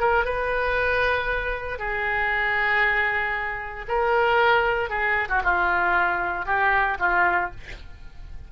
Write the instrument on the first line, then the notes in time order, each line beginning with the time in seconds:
oboe
0.00 A#4
0.25 B4
1.79 G#4
3.88 A#4
4.90 G#4
5.29 F#4
5.44 F4
6.46 G4
6.99 F4